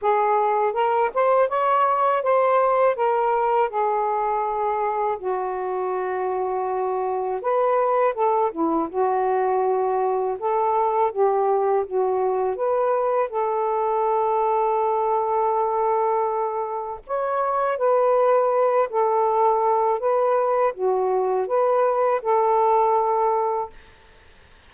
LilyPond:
\new Staff \with { instrumentName = "saxophone" } { \time 4/4 \tempo 4 = 81 gis'4 ais'8 c''8 cis''4 c''4 | ais'4 gis'2 fis'4~ | fis'2 b'4 a'8 e'8 | fis'2 a'4 g'4 |
fis'4 b'4 a'2~ | a'2. cis''4 | b'4. a'4. b'4 | fis'4 b'4 a'2 | }